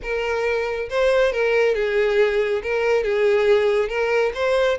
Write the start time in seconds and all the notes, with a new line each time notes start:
0.02 A#4
0.89 C5
1.32 A#4
1.75 G#4
2.63 A#4
3.03 G#4
3.88 A#4
4.34 C5